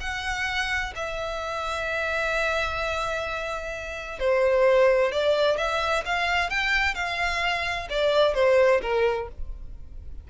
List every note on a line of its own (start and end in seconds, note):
0.00 0.93 F#5
0.95 4.19 E5
4.19 5.11 C5
5.11 5.57 D5
5.57 6.04 E5
6.05 6.49 F5
6.49 6.95 G5
6.95 7.88 F5
7.89 8.34 D5
8.34 8.81 C5
8.81 9.28 A#4